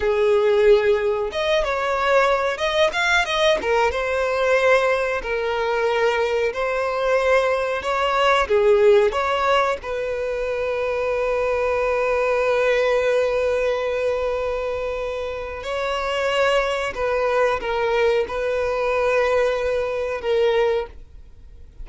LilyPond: \new Staff \with { instrumentName = "violin" } { \time 4/4 \tempo 4 = 92 gis'2 dis''8 cis''4. | dis''8 f''8 dis''8 ais'8 c''2 | ais'2 c''2 | cis''4 gis'4 cis''4 b'4~ |
b'1~ | b'1 | cis''2 b'4 ais'4 | b'2. ais'4 | }